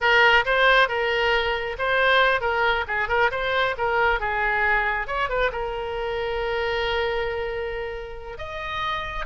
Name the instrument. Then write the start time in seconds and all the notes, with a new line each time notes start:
oboe
0.00 A#4
0.45 C5
0.88 A#4
1.78 C5
2.40 A#4
2.87 G#4
3.08 A#4
3.31 C5
3.77 A#4
4.20 G#4
5.07 C#5
5.29 B4
5.51 A#4
8.37 D#5